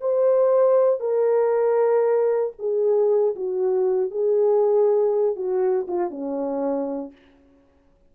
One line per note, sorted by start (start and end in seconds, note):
0.00 1.00 C5
1.00 2.52 A#4
2.59 3.35 G#4
3.35 4.10 F#4
4.10 5.36 G#4
5.36 5.87 F#4
5.87 6.10 F4
6.10 7.12 C#4